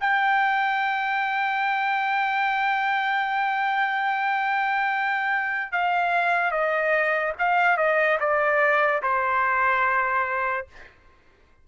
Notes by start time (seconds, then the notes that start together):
0.00 G5
5.72 F5
6.51 D#5
7.39 F5
7.77 D#5
8.20 D5
9.02 C5